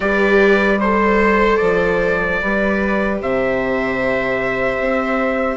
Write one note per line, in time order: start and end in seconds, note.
0.00 1.59 G3
0.00 0.77 G4
0.00 0.78 B4
0.00 0.80 D5
0.78 2.41 A4
0.78 2.38 C5
0.78 1.57 C5
1.57 2.41 F3
1.57 3.17 D5
2.41 3.21 G3
2.41 5.57 G4
2.41 3.21 B4
3.21 4.79 C3
3.21 5.57 C5
3.21 5.57 E5
4.79 5.57 C4